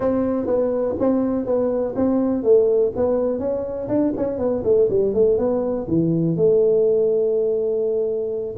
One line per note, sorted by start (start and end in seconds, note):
0.00 0.46 C4
0.46 0.95 B3
0.99 1.45 C4
1.45 1.94 B3
1.95 2.43 C4
2.43 2.92 A3
2.95 3.39 B3
3.39 3.88 C#4
3.88 4.12 D4
4.16 4.38 C#4
4.38 4.62 B3
4.64 4.88 A3
4.89 5.14 G3
5.14 5.38 A3
5.38 5.86 B3
5.87 6.36 E3
6.36 8.56 A3